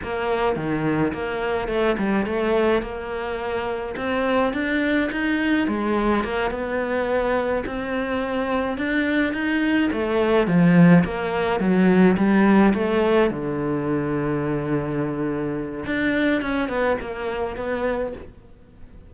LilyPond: \new Staff \with { instrumentName = "cello" } { \time 4/4 \tempo 4 = 106 ais4 dis4 ais4 a8 g8 | a4 ais2 c'4 | d'4 dis'4 gis4 ais8 b8~ | b4. c'2 d'8~ |
d'8 dis'4 a4 f4 ais8~ | ais8 fis4 g4 a4 d8~ | d1 | d'4 cis'8 b8 ais4 b4 | }